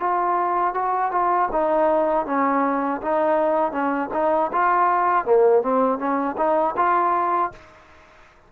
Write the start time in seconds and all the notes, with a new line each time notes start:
0.00 F4
0.74 F#4
1.12 F4
1.52 D#4
2.26 C#4
3.02 D#4
3.72 C#4
4.14 D#4
4.52 F4
5.25 A#3
5.62 C4
5.99 C#4
6.38 D#4
6.77 F4